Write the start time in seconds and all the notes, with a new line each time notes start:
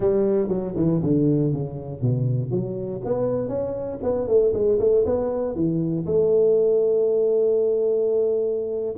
0.00 G3
0.48 F#3
0.76 E3
1.02 D3
1.53 C#3
2.01 B2
2.50 F#3
3.05 B3
3.48 C#4
4.02 B3
4.27 A3
4.53 G#3
4.79 A3
5.05 B3
5.55 E3
6.05 A3